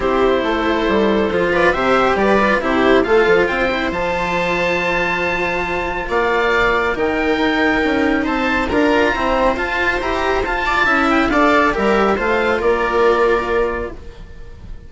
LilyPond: <<
  \new Staff \with { instrumentName = "oboe" } { \time 4/4 \tempo 4 = 138 c''2.~ c''8 d''8 | e''4 d''4 c''4 f''4 | g''4 a''2.~ | a''2 f''2 |
g''2. a''4 | ais''2 a''4 ais''4 | a''4. g''8 f''4 e''4 | f''4 d''2. | }
  \new Staff \with { instrumentName = "viola" } { \time 4/4 g'4 a'2~ a'8 b'8 | c''4 b'4 g'4 a'4 | c''1~ | c''2 d''2 |
ais'2. c''4 | ais'4 c''2.~ | c''8 d''8 e''4 d''4 ais'4 | c''4 ais'2. | }
  \new Staff \with { instrumentName = "cello" } { \time 4/4 e'2. f'4 | g'4. f'8 e'4 f'4~ | f'8 e'8 f'2.~ | f'1 |
dis'1 | f'4 c'4 f'4 g'4 | f'4 e'4 a'4 g'4 | f'1 | }
  \new Staff \with { instrumentName = "bassoon" } { \time 4/4 c'4 a4 g4 f4 | c4 g4 c4 a8 f8 | c'4 f2.~ | f2 ais2 |
dis4 dis'4 cis'4 c'4 | d'4 e'4 f'4 e'4 | f'4 cis'4 d'4 g4 | a4 ais2. | }
>>